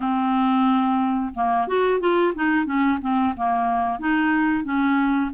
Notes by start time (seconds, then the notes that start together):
0.00 C4
1.34 A#3
1.67 F#4
2.00 F4
2.35 D#4
2.65 C#4
3.01 C4
3.36 A#3
3.98 D#4
4.64 C#4